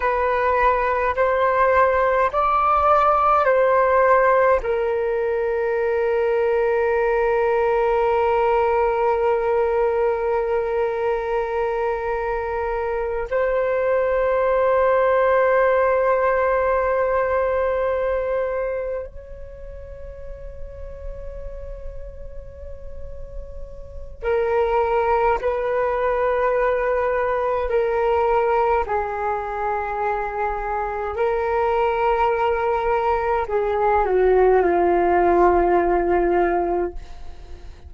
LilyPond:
\new Staff \with { instrumentName = "flute" } { \time 4/4 \tempo 4 = 52 b'4 c''4 d''4 c''4 | ais'1~ | ais'2.~ ais'8 c''8~ | c''1~ |
c''8 cis''2.~ cis''8~ | cis''4 ais'4 b'2 | ais'4 gis'2 ais'4~ | ais'4 gis'8 fis'8 f'2 | }